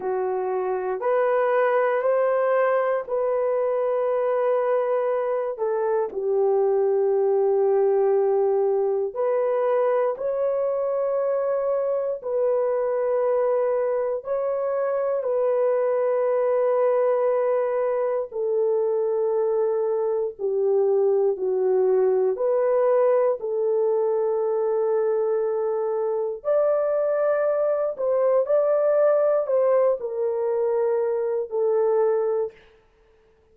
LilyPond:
\new Staff \with { instrumentName = "horn" } { \time 4/4 \tempo 4 = 59 fis'4 b'4 c''4 b'4~ | b'4. a'8 g'2~ | g'4 b'4 cis''2 | b'2 cis''4 b'4~ |
b'2 a'2 | g'4 fis'4 b'4 a'4~ | a'2 d''4. c''8 | d''4 c''8 ais'4. a'4 | }